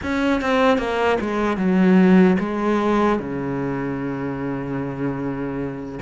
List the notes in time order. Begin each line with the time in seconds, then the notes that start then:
0.03 C#4
0.41 C4
0.77 A#3
1.20 G#3
1.57 F#3
2.39 G#3
3.19 C#3